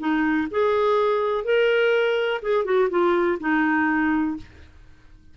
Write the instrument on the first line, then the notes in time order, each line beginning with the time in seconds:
clarinet
0.00 D#4
0.51 G#4
1.45 A#4
2.43 G#4
2.65 F#4
2.90 F4
3.41 D#4